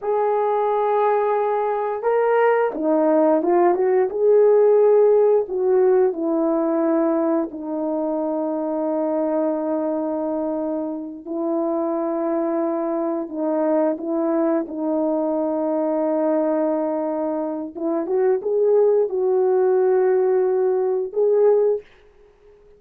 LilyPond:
\new Staff \with { instrumentName = "horn" } { \time 4/4 \tempo 4 = 88 gis'2. ais'4 | dis'4 f'8 fis'8 gis'2 | fis'4 e'2 dis'4~ | dis'1~ |
dis'8 e'2. dis'8~ | dis'8 e'4 dis'2~ dis'8~ | dis'2 e'8 fis'8 gis'4 | fis'2. gis'4 | }